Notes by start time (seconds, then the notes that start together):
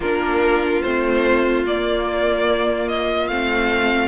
0.00 A#3 D4 F4 A#4
0.81 A3 C4 C5
1.64 A#3 D5
2.88 D#5
3.27 A3 C4 F5